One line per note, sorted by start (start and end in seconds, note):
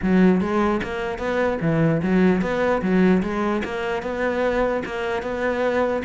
0.02 0.40 F#3
0.40 0.81 G#3
0.83 1.18 A#3
1.18 1.58 B3
1.61 2.01 E3
2.02 2.41 F#3
2.41 2.81 B3
2.82 3.22 F#3
3.22 3.63 G#3
3.64 4.02 A#3
4.02 4.83 B3
4.85 5.22 A#3
5.22 6.03 B3